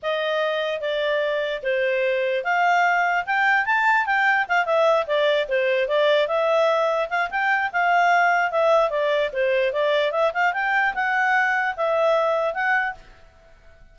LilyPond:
\new Staff \with { instrumentName = "clarinet" } { \time 4/4 \tempo 4 = 148 dis''2 d''2 | c''2 f''2 | g''4 a''4 g''4 f''8 e''8~ | e''8 d''4 c''4 d''4 e''8~ |
e''4. f''8 g''4 f''4~ | f''4 e''4 d''4 c''4 | d''4 e''8 f''8 g''4 fis''4~ | fis''4 e''2 fis''4 | }